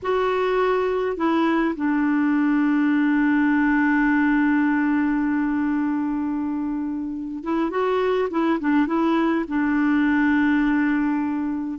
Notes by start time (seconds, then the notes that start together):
0.02 F#4
1.16 E4
1.75 D4
7.43 E4
7.70 F#4
8.30 E4
8.59 D4
8.86 E4
9.48 D4